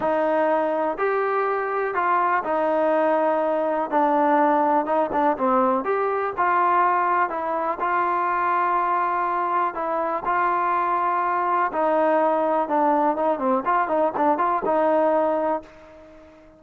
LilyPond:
\new Staff \with { instrumentName = "trombone" } { \time 4/4 \tempo 4 = 123 dis'2 g'2 | f'4 dis'2. | d'2 dis'8 d'8 c'4 | g'4 f'2 e'4 |
f'1 | e'4 f'2. | dis'2 d'4 dis'8 c'8 | f'8 dis'8 d'8 f'8 dis'2 | }